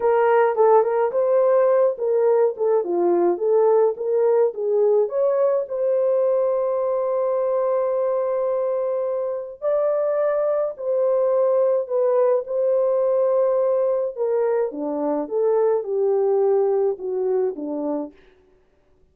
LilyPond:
\new Staff \with { instrumentName = "horn" } { \time 4/4 \tempo 4 = 106 ais'4 a'8 ais'8 c''4. ais'8~ | ais'8 a'8 f'4 a'4 ais'4 | gis'4 cis''4 c''2~ | c''1~ |
c''4 d''2 c''4~ | c''4 b'4 c''2~ | c''4 ais'4 d'4 a'4 | g'2 fis'4 d'4 | }